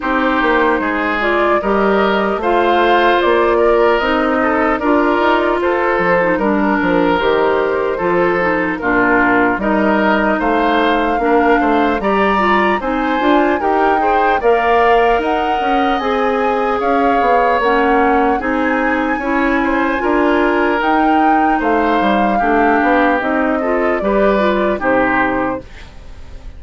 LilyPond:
<<
  \new Staff \with { instrumentName = "flute" } { \time 4/4 \tempo 4 = 75 c''4. d''8 dis''4 f''4 | d''4 dis''4 d''4 c''4 | ais'4 c''2 ais'4 | dis''4 f''2 ais''4 |
gis''4 g''4 f''4 fis''4 | gis''4 f''4 fis''4 gis''4~ | gis''2 g''4 f''4~ | f''4 dis''4 d''4 c''4 | }
  \new Staff \with { instrumentName = "oboe" } { \time 4/4 g'4 gis'4 ais'4 c''4~ | c''8 ais'4 a'8 ais'4 a'4 | ais'2 a'4 f'4 | ais'4 c''4 ais'8 c''8 d''4 |
c''4 ais'8 c''8 d''4 dis''4~ | dis''4 cis''2 gis'4 | cis''8 c''8 ais'2 c''4 | g'4. a'8 b'4 g'4 | }
  \new Staff \with { instrumentName = "clarinet" } { \time 4/4 dis'4. f'8 g'4 f'4~ | f'4 dis'4 f'4.~ f'16 dis'16 | d'4 g'4 f'8 dis'8 d'4 | dis'2 d'4 g'8 f'8 |
dis'8 f'8 g'8 gis'8 ais'2 | gis'2 cis'4 dis'4 | e'4 f'4 dis'2 | d'4 dis'8 f'8 g'8 f'8 dis'4 | }
  \new Staff \with { instrumentName = "bassoon" } { \time 4/4 c'8 ais8 gis4 g4 a4 | ais4 c'4 d'8 dis'8 f'8 f8 | g8 f8 dis4 f4 ais,4 | g4 a4 ais8 a8 g4 |
c'8 d'8 dis'4 ais4 dis'8 cis'8 | c'4 cis'8 b8 ais4 c'4 | cis'4 d'4 dis'4 a8 g8 | a8 b8 c'4 g4 c4 | }
>>